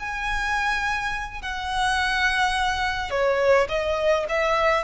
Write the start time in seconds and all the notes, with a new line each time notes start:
0.00 G#5
1.42 F#5
3.11 C#5
3.69 D#5
4.29 E5